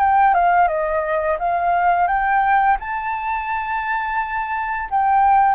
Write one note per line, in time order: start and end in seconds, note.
0.00 0.35 G5
0.35 0.68 F5
0.68 1.38 D#5
1.40 2.08 F5
2.08 2.77 G5
2.80 4.90 A5
4.91 5.55 G5